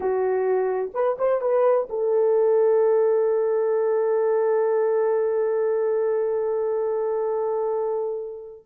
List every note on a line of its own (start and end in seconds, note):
0.00 0.91 F#4
0.94 1.17 B4
1.18 1.41 C5
1.41 1.87 B4
1.89 8.65 A4